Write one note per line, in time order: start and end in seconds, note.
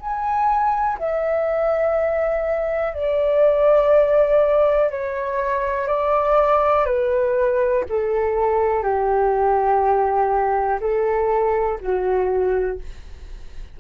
0.00 0.98 G#5
0.99 2.94 E5
2.94 4.90 D5
4.90 5.87 C#5
5.87 6.86 D5
6.86 7.84 B4
7.89 8.83 A4
8.83 10.80 G4
10.81 11.79 A4
11.81 12.79 F#4